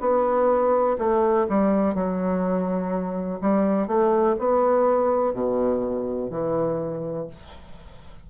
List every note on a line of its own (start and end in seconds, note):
0.00 0.97 B3
0.98 1.46 A3
1.49 1.94 G3
1.94 3.39 F#3
3.41 3.87 G3
3.87 4.35 A3
4.38 5.33 B3
5.33 6.30 B2
6.30 7.27 E3